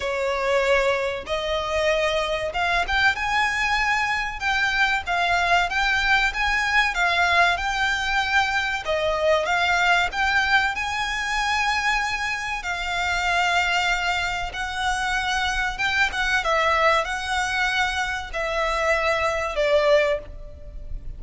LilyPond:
\new Staff \with { instrumentName = "violin" } { \time 4/4 \tempo 4 = 95 cis''2 dis''2 | f''8 g''8 gis''2 g''4 | f''4 g''4 gis''4 f''4 | g''2 dis''4 f''4 |
g''4 gis''2. | f''2. fis''4~ | fis''4 g''8 fis''8 e''4 fis''4~ | fis''4 e''2 d''4 | }